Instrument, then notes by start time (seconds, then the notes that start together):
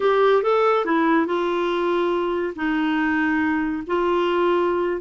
clarinet
0.00 G4
0.42 A4
0.85 E4
1.26 F4
2.55 D#4
3.86 F4